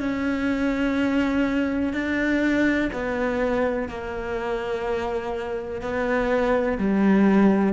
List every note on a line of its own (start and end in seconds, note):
0.00 1.93 C#4
1.93 2.90 D4
2.93 3.88 B3
3.88 5.81 A#3
5.81 6.78 B3
6.78 7.73 G3